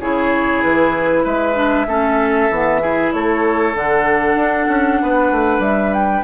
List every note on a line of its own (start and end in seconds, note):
0.00 0.63 C#3
0.00 1.55 E4
0.00 1.24 G#4
0.00 0.62 C#5
0.63 1.25 E3
0.63 1.25 B4
1.24 1.87 G#3
1.24 1.86 B4
1.24 3.13 E5
1.55 1.86 D4
1.87 2.49 A3
1.87 2.51 C#4
1.87 2.82 A4
2.50 3.13 E3
2.50 2.80 B3
2.80 3.74 E4
2.80 3.13 G#4
3.13 3.75 A3
3.13 5.02 A4
3.13 3.75 C#5
3.75 4.36 D3
3.75 6.24 D4
3.75 5.62 F#5
4.36 4.67 D4
4.69 5.00 C#4
5.02 5.32 B3
5.02 6.24 B4
5.32 5.59 A3
5.59 6.22 G3
5.59 5.93 E5
5.94 6.24 G5